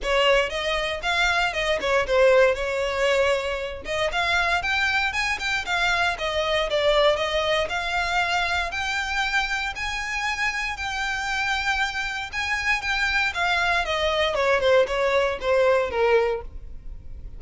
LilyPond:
\new Staff \with { instrumentName = "violin" } { \time 4/4 \tempo 4 = 117 cis''4 dis''4 f''4 dis''8 cis''8 | c''4 cis''2~ cis''8 dis''8 | f''4 g''4 gis''8 g''8 f''4 | dis''4 d''4 dis''4 f''4~ |
f''4 g''2 gis''4~ | gis''4 g''2. | gis''4 g''4 f''4 dis''4 | cis''8 c''8 cis''4 c''4 ais'4 | }